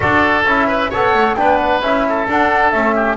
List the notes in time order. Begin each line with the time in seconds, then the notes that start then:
0.00 D4 F#4 A4 D5
0.44 C#4 E4 E5
0.67 B4
0.90 B3 A4 C#5 F#5
1.13 A3
1.36 B3 D4 B4 G5
1.58 F#5
1.81 C#4 E4 E5
2.08 A4
2.27 D4 F#5
2.71 A3 C#4 E5
2.95 G4